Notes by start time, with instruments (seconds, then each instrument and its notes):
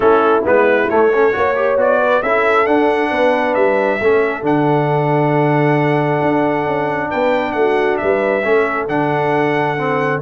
0.00 tuba A3, trombone C#4, horn E4, trumpet A4
0.44 tuba G#3, trombone B3, trumpet B4
0.89 tuba A3, trombone A3, trumpet C#5
1.13 trombone C#4, horn A4
1.32 tuba A#3, trombone F#4, horn C#5
1.55 trombone G4
1.76 tuba B3, trombone F#4, trumpet D5
2.00 horn B4
2.22 tuba C#4, trombone E4, horn A4, trumpet E5
2.66 trombone D4, tuba D4, trumpet F#5
3.10 tuba B3, horn B4
3.54 tuba G3, trumpet E5
4.00 tuba A3, trombone C#4, horn A4
4.42 tuba D3, trombone D4, trumpet F#5
6.22 tuba D4
6.66 tuba C#4
7.10 tuba B3, horn B4, trumpet G5
7.52 tuba A3, trumpet F#5
7.58 horn F#4
7.97 tuba G3, horn B4, trumpet E5
8.43 tuba A3, trombone C#4, horn A4
8.88 tuba D3, trombone D4, trumpet F#5
9.77 trombone C4